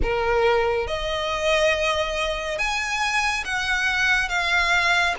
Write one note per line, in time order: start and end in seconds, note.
0.02 0.87 A#4
0.87 2.58 D#5
2.58 3.44 G#5
3.44 4.29 F#5
4.29 5.14 F5